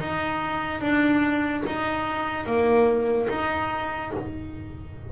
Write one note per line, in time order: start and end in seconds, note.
0.00 0.81 D#4
0.81 1.63 D4
1.67 2.47 D#4
2.47 3.29 A#3
3.29 4.11 D#4